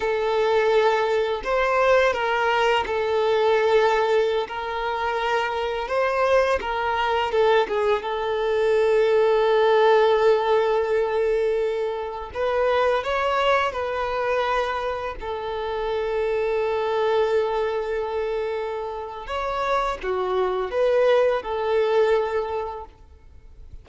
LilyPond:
\new Staff \with { instrumentName = "violin" } { \time 4/4 \tempo 4 = 84 a'2 c''4 ais'4 | a'2~ a'16 ais'4.~ ais'16~ | ais'16 c''4 ais'4 a'8 gis'8 a'8.~ | a'1~ |
a'4~ a'16 b'4 cis''4 b'8.~ | b'4~ b'16 a'2~ a'8.~ | a'2. cis''4 | fis'4 b'4 a'2 | }